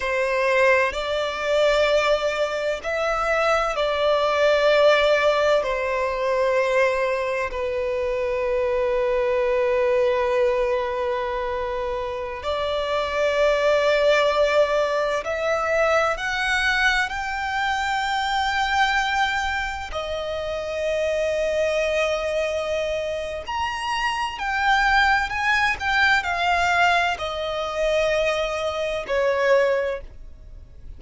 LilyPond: \new Staff \with { instrumentName = "violin" } { \time 4/4 \tempo 4 = 64 c''4 d''2 e''4 | d''2 c''2 | b'1~ | b'4~ b'16 d''2~ d''8.~ |
d''16 e''4 fis''4 g''4.~ g''16~ | g''4~ g''16 dis''2~ dis''8.~ | dis''4 ais''4 g''4 gis''8 g''8 | f''4 dis''2 cis''4 | }